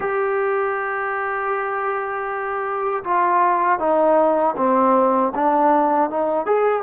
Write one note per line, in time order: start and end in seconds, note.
0.00 3.03 G4
3.04 3.79 F4
3.79 4.55 D#4
4.56 5.32 C4
5.34 6.10 D4
6.10 6.46 D#4
6.46 6.82 G#4